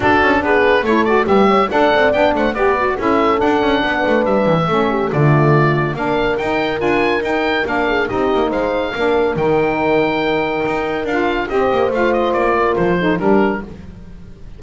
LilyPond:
<<
  \new Staff \with { instrumentName = "oboe" } { \time 4/4 \tempo 4 = 141 a'4 b'4 cis''8 d''8 e''4 | fis''4 g''8 fis''8 d''4 e''4 | fis''2 e''2 | d''2 f''4 g''4 |
gis''4 g''4 f''4 dis''4 | f''2 g''2~ | g''2 f''4 dis''4 | f''8 dis''8 d''4 c''4 ais'4 | }
  \new Staff \with { instrumentName = "horn" } { \time 4/4 fis'4 gis'4 a'4 b'8 cis''8 | d''4. c''8 b'4 a'4~ | a'4 b'2 a'8 g'8 | f'2 ais'2~ |
ais'2~ ais'8 gis'8 g'4 | c''4 ais'2.~ | ais'2. c''4~ | c''4. ais'4 a'8 g'4 | }
  \new Staff \with { instrumentName = "saxophone" } { \time 4/4 d'2 e'8 fis'8 g'4 | a'4 d'4 g'8 fis'8 e'4 | d'2. cis'4 | a2 d'4 dis'4 |
f'4 dis'4 d'4 dis'4~ | dis'4 d'4 dis'2~ | dis'2 f'4 g'4 | f'2~ f'8 dis'8 d'4 | }
  \new Staff \with { instrumentName = "double bass" } { \time 4/4 d'8 cis'8 b4 a4 g4 | d'8 c'8 b8 a8 b4 cis'4 | d'8 cis'8 b8 a8 g8 e8 a4 | d2 ais4 dis'4 |
d'4 dis'4 ais4 c'8 ais8 | gis4 ais4 dis2~ | dis4 dis'4 d'4 c'8 ais8 | a4 ais4 f4 g4 | }
>>